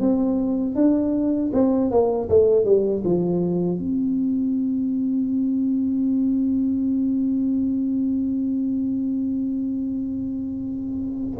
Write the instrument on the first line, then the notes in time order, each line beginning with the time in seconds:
tuba
0.00 C4
0.75 D4
1.53 C4
1.91 A#3
2.29 A3
2.64 G3
3.04 F3
3.78 C4